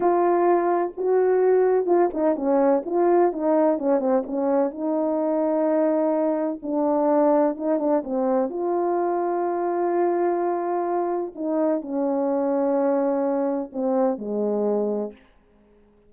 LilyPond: \new Staff \with { instrumentName = "horn" } { \time 4/4 \tempo 4 = 127 f'2 fis'2 | f'8 dis'8 cis'4 f'4 dis'4 | cis'8 c'8 cis'4 dis'2~ | dis'2 d'2 |
dis'8 d'8 c'4 f'2~ | f'1 | dis'4 cis'2.~ | cis'4 c'4 gis2 | }